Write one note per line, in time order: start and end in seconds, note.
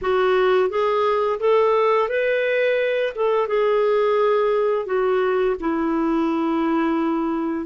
0.01 0.69 F#4
0.69 1.39 G#4
1.39 2.08 A4
2.08 3.13 B4
3.15 3.47 A4
3.47 4.86 G#4
4.86 5.55 F#4
5.59 7.66 E4